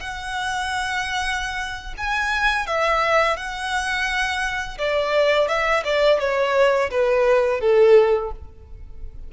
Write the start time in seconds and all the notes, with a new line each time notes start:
0.00 F#5
1.98 G#5
2.67 E5
3.37 F#5
4.78 D5
5.48 E5
5.84 D5
6.20 C#5
6.91 B4
7.61 A4